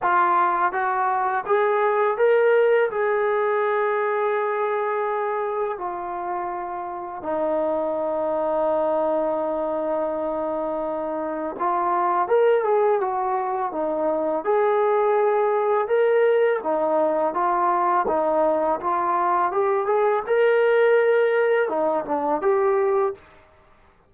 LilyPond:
\new Staff \with { instrumentName = "trombone" } { \time 4/4 \tempo 4 = 83 f'4 fis'4 gis'4 ais'4 | gis'1 | f'2 dis'2~ | dis'1 |
f'4 ais'8 gis'8 fis'4 dis'4 | gis'2 ais'4 dis'4 | f'4 dis'4 f'4 g'8 gis'8 | ais'2 dis'8 d'8 g'4 | }